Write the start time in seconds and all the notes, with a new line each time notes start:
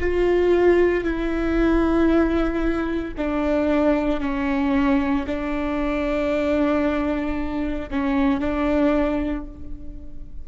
0.00 F4
1.04 E4
3.18 D4
4.20 C#4
5.27 D4
7.90 C#4
8.41 D4